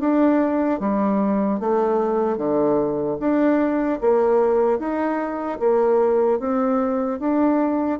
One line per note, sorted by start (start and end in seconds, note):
0.00 0.80 D4
0.80 1.60 G3
1.60 2.38 A3
2.38 3.18 D3
3.20 4.00 D4
4.01 4.79 A#3
4.79 5.59 D#4
5.60 6.40 A#3
6.40 7.20 C4
7.20 8.00 D4